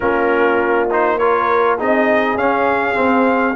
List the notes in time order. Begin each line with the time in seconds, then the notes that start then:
0.00 A#3 C#4 F4 A#4
0.90 D#4 C5
1.18 F4 A#4 C#5
1.77 C4 D#4 G#4 D#5
2.34 C#4 F5
2.94 C4